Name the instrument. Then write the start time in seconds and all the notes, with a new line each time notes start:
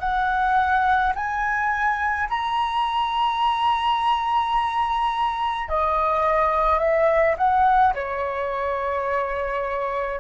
flute
0.00 F#5
1.16 G#5
2.30 A#5
5.69 D#5
6.79 E5
7.37 F#5
7.95 C#5